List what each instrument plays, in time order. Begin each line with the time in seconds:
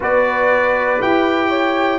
0.00 tuba B3, trombone F#4, horn B4, trumpet D5
1.01 tuba E4, trombone G4, trumpet G5
1.49 horn C#5